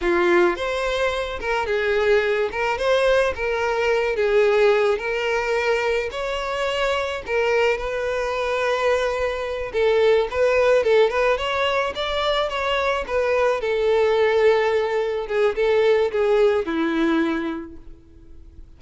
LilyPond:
\new Staff \with { instrumentName = "violin" } { \time 4/4 \tempo 4 = 108 f'4 c''4. ais'8 gis'4~ | gis'8 ais'8 c''4 ais'4. gis'8~ | gis'4 ais'2 cis''4~ | cis''4 ais'4 b'2~ |
b'4. a'4 b'4 a'8 | b'8 cis''4 d''4 cis''4 b'8~ | b'8 a'2. gis'8 | a'4 gis'4 e'2 | }